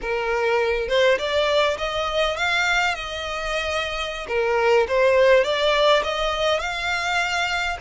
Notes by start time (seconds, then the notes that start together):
0.01 A#4
0.88 C5
1.18 D5
1.78 D#5
2.37 F5
2.94 D#5
4.28 A#4
4.87 C5
5.44 D5
6.03 D#5
6.59 F5